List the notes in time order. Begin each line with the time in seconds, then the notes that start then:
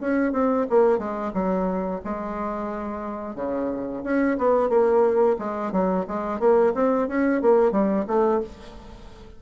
0.00 C#4
0.32 C4
0.69 A#3
0.98 G#3
1.33 F#3
2.04 G#3
3.35 C#3
4.03 C#4
4.38 B3
4.69 A#3
5.38 G#3
5.72 F#3
6.07 G#3
6.39 A#3
6.74 C4
7.08 C#4
7.42 A#3
7.71 G3
8.07 A3